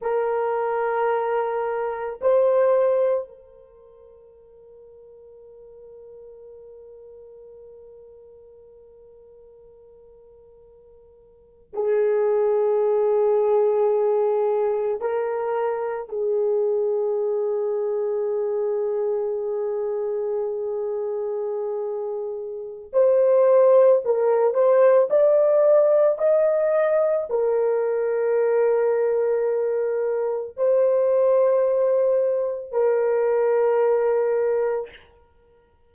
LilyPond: \new Staff \with { instrumentName = "horn" } { \time 4/4 \tempo 4 = 55 ais'2 c''4 ais'4~ | ais'1~ | ais'2~ ais'8. gis'4~ gis'16~ | gis'4.~ gis'16 ais'4 gis'4~ gis'16~ |
gis'1~ | gis'4 c''4 ais'8 c''8 d''4 | dis''4 ais'2. | c''2 ais'2 | }